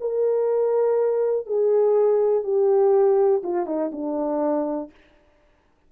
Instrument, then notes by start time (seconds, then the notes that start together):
horn
0.00 A#4
1.46 G#4
2.43 G4
3.43 F4
3.66 D#4
3.92 D4